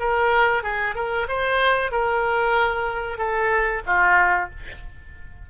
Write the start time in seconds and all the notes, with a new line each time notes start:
0.00 A#4
0.64 G#4
0.95 A#4
1.29 C5
1.91 A#4
3.18 A4
3.86 F4